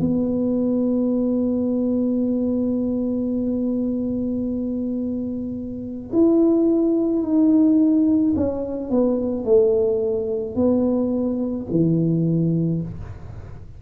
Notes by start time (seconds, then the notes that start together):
0.00 B3
6.13 E4
7.23 D#4
8.36 C#4
8.90 B3
9.45 A3
10.56 B3
11.71 E3